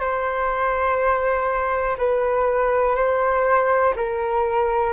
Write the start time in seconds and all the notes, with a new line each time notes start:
0.00 C5
1.98 B4
2.96 C5
3.96 A#4